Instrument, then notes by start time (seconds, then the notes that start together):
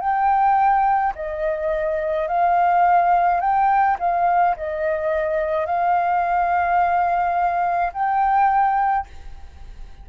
flute
0.00 G5
1.15 D#5
2.28 F5
3.41 G5
3.99 F5
4.56 D#5
5.66 F5
7.93 G5